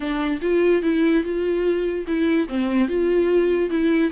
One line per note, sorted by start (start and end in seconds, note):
0.00 0.40 D4
0.41 0.82 F4
0.82 1.23 E4
1.23 2.05 F4
2.07 2.48 E4
2.48 2.88 C4
2.88 3.70 F4
3.70 4.11 E4